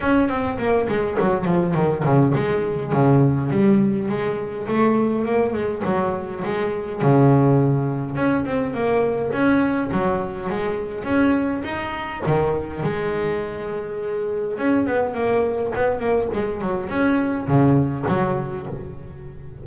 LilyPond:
\new Staff \with { instrumentName = "double bass" } { \time 4/4 \tempo 4 = 103 cis'8 c'8 ais8 gis8 fis8 f8 dis8 cis8 | gis4 cis4 g4 gis4 | a4 ais8 gis8 fis4 gis4 | cis2 cis'8 c'8 ais4 |
cis'4 fis4 gis4 cis'4 | dis'4 dis4 gis2~ | gis4 cis'8 b8 ais4 b8 ais8 | gis8 fis8 cis'4 cis4 fis4 | }